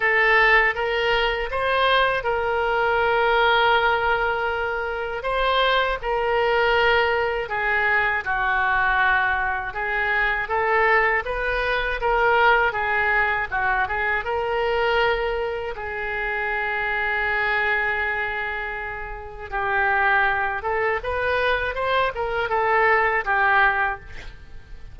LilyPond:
\new Staff \with { instrumentName = "oboe" } { \time 4/4 \tempo 4 = 80 a'4 ais'4 c''4 ais'4~ | ais'2. c''4 | ais'2 gis'4 fis'4~ | fis'4 gis'4 a'4 b'4 |
ais'4 gis'4 fis'8 gis'8 ais'4~ | ais'4 gis'2.~ | gis'2 g'4. a'8 | b'4 c''8 ais'8 a'4 g'4 | }